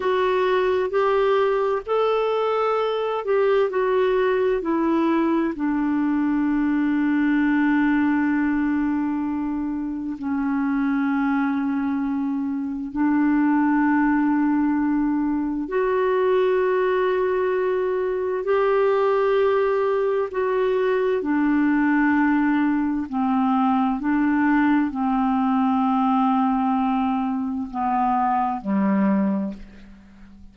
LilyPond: \new Staff \with { instrumentName = "clarinet" } { \time 4/4 \tempo 4 = 65 fis'4 g'4 a'4. g'8 | fis'4 e'4 d'2~ | d'2. cis'4~ | cis'2 d'2~ |
d'4 fis'2. | g'2 fis'4 d'4~ | d'4 c'4 d'4 c'4~ | c'2 b4 g4 | }